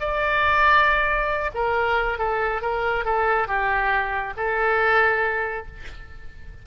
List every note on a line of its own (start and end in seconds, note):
0.00 1.51 D5
1.55 2.19 A#4
2.19 2.62 A4
2.62 3.05 A#4
3.05 3.48 A4
3.48 4.34 G4
4.37 5.66 A4